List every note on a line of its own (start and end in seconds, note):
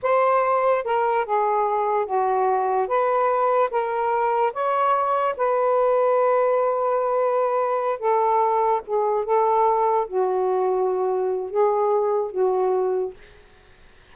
0.02 0.84 C5
0.84 1.25 A#4
1.25 2.05 G#4
2.05 2.87 F#4
2.87 3.69 B4
3.70 4.52 A#4
4.53 5.35 C#5
5.36 7.99 B4
7.99 8.81 A4
8.86 9.25 G#4
9.25 10.07 A4
10.07 11.50 F#4
11.50 12.31 G#4
12.31 13.13 F#4